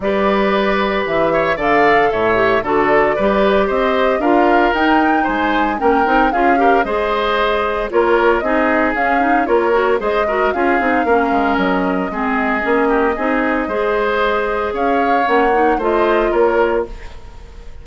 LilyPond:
<<
  \new Staff \with { instrumentName = "flute" } { \time 4/4 \tempo 4 = 114 d''2 e''4 f''4 | e''4 d''2 dis''4 | f''4 g''4 gis''4 g''4 | f''4 dis''2 cis''4 |
dis''4 f''4 cis''4 dis''4 | f''2 dis''2~ | dis''1 | f''4 fis''4 dis''4 cis''4 | }
  \new Staff \with { instrumentName = "oboe" } { \time 4/4 b'2~ b'8 cis''8 d''4 | cis''4 a'4 b'4 c''4 | ais'2 c''4 ais'4 | gis'8 ais'8 c''2 ais'4 |
gis'2 ais'4 c''8 ais'8 | gis'4 ais'2 gis'4~ | gis'8 g'8 gis'4 c''2 | cis''2 c''4 ais'4 | }
  \new Staff \with { instrumentName = "clarinet" } { \time 4/4 g'2. a'4~ | a'8 g'8 fis'4 g'2 | f'4 dis'2 cis'8 dis'8 | f'8 g'8 gis'2 f'4 |
dis'4 cis'8 dis'8 f'8 fis'8 gis'8 fis'8 | f'8 dis'8 cis'2 c'4 | cis'4 dis'4 gis'2~ | gis'4 cis'8 dis'8 f'2 | }
  \new Staff \with { instrumentName = "bassoon" } { \time 4/4 g2 e4 d4 | a,4 d4 g4 c'4 | d'4 dis'4 gis4 ais8 c'8 | cis'4 gis2 ais4 |
c'4 cis'4 ais4 gis4 | cis'8 c'8 ais8 gis8 fis4 gis4 | ais4 c'4 gis2 | cis'4 ais4 a4 ais4 | }
>>